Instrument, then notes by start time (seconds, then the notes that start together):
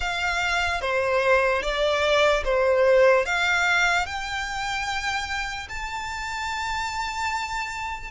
violin
0.00 F5
0.81 C5
1.62 D5
2.44 C5
3.25 F5
4.05 G5
5.69 A5